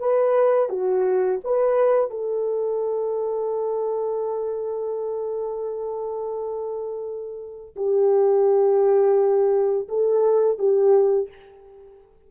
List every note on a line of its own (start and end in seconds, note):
0.00 0.69 B4
0.69 1.40 F#4
1.44 2.11 B4
2.11 7.76 A4
7.76 9.88 G4
9.89 10.59 A4
10.59 11.29 G4